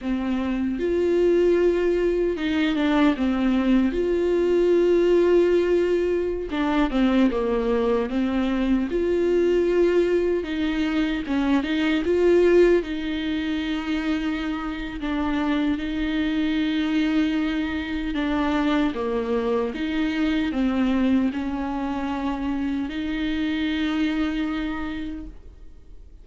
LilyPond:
\new Staff \with { instrumentName = "viola" } { \time 4/4 \tempo 4 = 76 c'4 f'2 dis'8 d'8 | c'4 f'2.~ | f'16 d'8 c'8 ais4 c'4 f'8.~ | f'4~ f'16 dis'4 cis'8 dis'8 f'8.~ |
f'16 dis'2~ dis'8. d'4 | dis'2. d'4 | ais4 dis'4 c'4 cis'4~ | cis'4 dis'2. | }